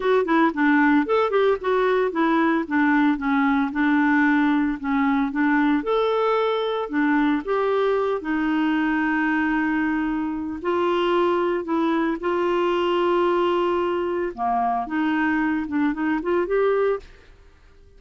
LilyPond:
\new Staff \with { instrumentName = "clarinet" } { \time 4/4 \tempo 4 = 113 fis'8 e'8 d'4 a'8 g'8 fis'4 | e'4 d'4 cis'4 d'4~ | d'4 cis'4 d'4 a'4~ | a'4 d'4 g'4. dis'8~ |
dis'1 | f'2 e'4 f'4~ | f'2. ais4 | dis'4. d'8 dis'8 f'8 g'4 | }